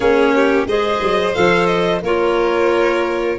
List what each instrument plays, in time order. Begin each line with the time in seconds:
0.00 tuba A#3, clarinet C#4, violin G#4 C#5
0.34 violin G4
0.66 tuba G#3, clarinet G#4, violin C5 D#5
1.01 tuba F#3
1.33 tuba F3, clarinet A4, violin F5
1.66 violin D#5
2.01 tuba A#3, clarinet F4, violin A#4 C#5